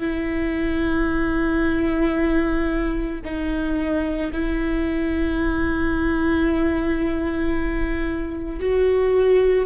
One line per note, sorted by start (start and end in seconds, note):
0.00 3.21 E4
3.25 4.32 D#4
4.32 8.60 E4
8.60 9.66 F#4